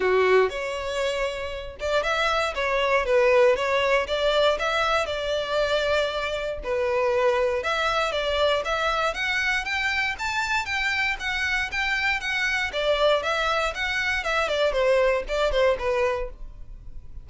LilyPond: \new Staff \with { instrumentName = "violin" } { \time 4/4 \tempo 4 = 118 fis'4 cis''2~ cis''8 d''8 | e''4 cis''4 b'4 cis''4 | d''4 e''4 d''2~ | d''4 b'2 e''4 |
d''4 e''4 fis''4 g''4 | a''4 g''4 fis''4 g''4 | fis''4 d''4 e''4 fis''4 | e''8 d''8 c''4 d''8 c''8 b'4 | }